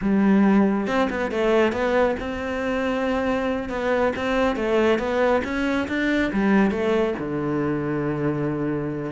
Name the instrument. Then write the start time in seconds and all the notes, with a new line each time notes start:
cello
0.01 G3
0.87 C4
1.10 B3
1.31 A3
1.72 B3
2.19 C4
3.69 B3
4.15 C4
4.56 A3
4.98 B3
5.44 C#4
5.88 D4
6.32 G3
6.70 A3
7.19 D3